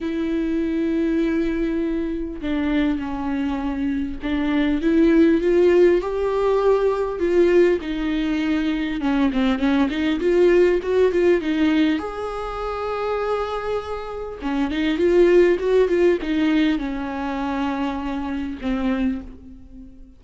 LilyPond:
\new Staff \with { instrumentName = "viola" } { \time 4/4 \tempo 4 = 100 e'1 | d'4 cis'2 d'4 | e'4 f'4 g'2 | f'4 dis'2 cis'8 c'8 |
cis'8 dis'8 f'4 fis'8 f'8 dis'4 | gis'1 | cis'8 dis'8 f'4 fis'8 f'8 dis'4 | cis'2. c'4 | }